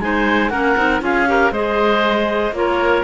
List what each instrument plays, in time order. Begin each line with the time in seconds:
0.00 cello G#3, clarinet D#4 G#5, oboe C5
0.50 cello A#3, clarinet C#4 F#5, oboe A#4
0.76 cello C4, clarinet D#4
1.01 cello C#4, clarinet F4 F5, oboe G#4
1.27 clarinet G4, oboe A#4
1.51 cello G#3, clarinet G#4 D#5, oboe C5
2.52 cello A#3, clarinet F4 C#5, oboe A#4